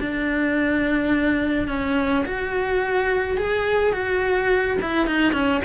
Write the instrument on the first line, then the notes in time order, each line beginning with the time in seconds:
cello
0.00 D4
1.68 C#4
2.25 F#4
3.37 G#4
3.93 F#4
4.81 E4
5.06 D#4
5.33 C#4